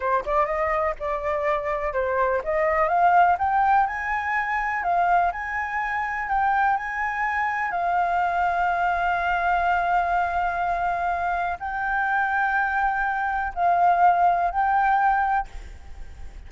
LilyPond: \new Staff \with { instrumentName = "flute" } { \time 4/4 \tempo 4 = 124 c''8 d''8 dis''4 d''2 | c''4 dis''4 f''4 g''4 | gis''2 f''4 gis''4~ | gis''4 g''4 gis''2 |
f''1~ | f''1 | g''1 | f''2 g''2 | }